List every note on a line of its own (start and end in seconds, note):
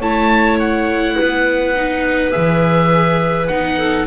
0.00 1.17 A3
0.00 1.76 E4
0.00 1.16 C#5
0.00 0.59 A5
0.59 2.32 F#5
1.16 2.36 B3
1.16 3.78 B4
1.76 2.31 D#4
2.31 3.49 E3
2.31 3.48 G#4
2.31 3.47 E5
3.47 4.07 B3
3.47 4.07 D#4
3.47 4.05 F#5
3.78 4.07 A4